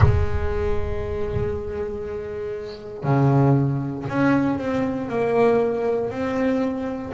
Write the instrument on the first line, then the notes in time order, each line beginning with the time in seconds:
double bass
0.00 G#3
3.03 C#3
4.08 C#4
4.58 C4
5.08 A#3
6.10 C4